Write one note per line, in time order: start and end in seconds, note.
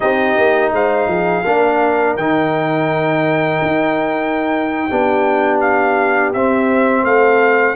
0.00 0.37 C4
0.00 1.44 D#4
0.00 0.73 G4
0.00 0.72 D#5
0.37 0.72 A#3
0.72 1.07 G#3
0.72 1.08 C5
0.72 2.16 F5
1.07 1.43 F3
1.07 1.44 G#4
1.44 2.16 A#3
1.44 2.18 D4
1.44 4.87 A#4
2.16 3.61 D#3
2.16 4.89 D#4
2.16 5.60 G5
3.61 4.88 D#4
4.88 6.34 B3
4.88 6.34 D4
4.88 7.04 G4
5.60 6.32 F5
6.33 7.03 C4
6.33 7.75 C4
6.33 7.04 E5
7.03 7.75 A3
7.03 7.75 A4
7.03 7.75 F5